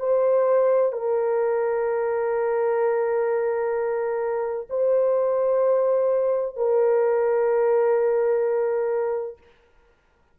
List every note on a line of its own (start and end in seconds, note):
0.00 0.92 C5
0.92 4.67 A#4
4.70 6.57 C5
6.57 9.38 A#4